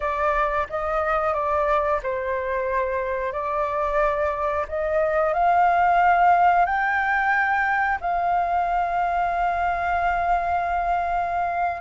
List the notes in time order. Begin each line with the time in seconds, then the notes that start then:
0.00 D5
0.69 D#5
1.33 D5
2.02 C5
3.32 D5
4.68 D#5
5.33 F5
6.65 G5
8.01 F5